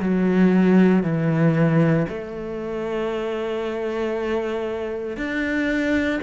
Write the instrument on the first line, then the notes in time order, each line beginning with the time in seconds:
cello
0.00 F#3
1.03 E3
2.08 A3
5.17 D4